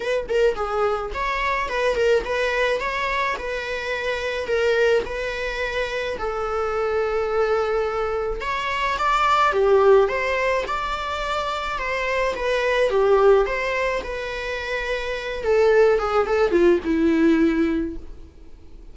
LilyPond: \new Staff \with { instrumentName = "viola" } { \time 4/4 \tempo 4 = 107 b'8 ais'8 gis'4 cis''4 b'8 ais'8 | b'4 cis''4 b'2 | ais'4 b'2 a'4~ | a'2. cis''4 |
d''4 g'4 c''4 d''4~ | d''4 c''4 b'4 g'4 | c''4 b'2~ b'8 a'8~ | a'8 gis'8 a'8 f'8 e'2 | }